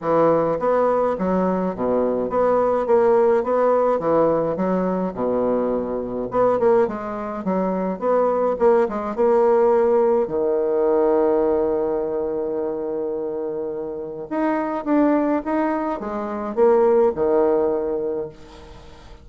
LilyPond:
\new Staff \with { instrumentName = "bassoon" } { \time 4/4 \tempo 4 = 105 e4 b4 fis4 b,4 | b4 ais4 b4 e4 | fis4 b,2 b8 ais8 | gis4 fis4 b4 ais8 gis8 |
ais2 dis2~ | dis1~ | dis4 dis'4 d'4 dis'4 | gis4 ais4 dis2 | }